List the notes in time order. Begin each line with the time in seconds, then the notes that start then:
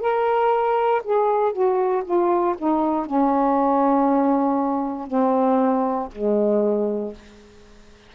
0.00 A#4
1.04 G#4
1.52 F#4
2.04 F4
2.57 D#4
3.06 C#4
5.07 C4
6.12 G#3